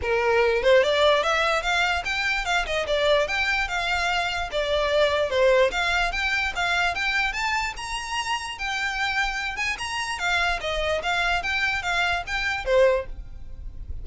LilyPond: \new Staff \with { instrumentName = "violin" } { \time 4/4 \tempo 4 = 147 ais'4. c''8 d''4 e''4 | f''4 g''4 f''8 dis''8 d''4 | g''4 f''2 d''4~ | d''4 c''4 f''4 g''4 |
f''4 g''4 a''4 ais''4~ | ais''4 g''2~ g''8 gis''8 | ais''4 f''4 dis''4 f''4 | g''4 f''4 g''4 c''4 | }